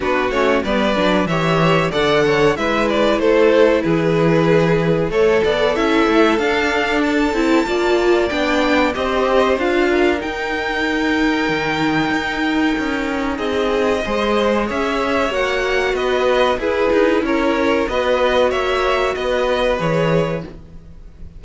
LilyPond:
<<
  \new Staff \with { instrumentName = "violin" } { \time 4/4 \tempo 4 = 94 b'8 cis''8 d''4 e''4 fis''4 | e''8 d''8 c''4 b'2 | cis''8 d''8 e''4 f''4 a''4~ | a''4 g''4 dis''4 f''4 |
g''1~ | g''4 dis''2 e''4 | fis''4 dis''4 b'4 cis''4 | dis''4 e''4 dis''4 cis''4 | }
  \new Staff \with { instrumentName = "violin" } { \time 4/4 fis'4 b'4 cis''4 d''8 cis''8 | b'4 a'4 gis'2 | a'1 | d''2 c''4. ais'8~ |
ais'1~ | ais'4 gis'4 c''4 cis''4~ | cis''4 b'4 gis'4 ais'4 | b'4 cis''4 b'2 | }
  \new Staff \with { instrumentName = "viola" } { \time 4/4 d'8 cis'8 b8 d'8 g'4 a'4 | e'1 | a'4 e'4 d'4. e'8 | f'4 d'4 g'4 f'4 |
dis'1~ | dis'2 gis'2 | fis'2 e'2 | fis'2. gis'4 | }
  \new Staff \with { instrumentName = "cello" } { \time 4/4 b8 a8 g8 fis8 e4 d4 | gis4 a4 e2 | a8 b8 cis'8 a8 d'4. c'8 | ais4 b4 c'4 d'4 |
dis'2 dis4 dis'4 | cis'4 c'4 gis4 cis'4 | ais4 b4 e'8 dis'8 cis'4 | b4 ais4 b4 e4 | }
>>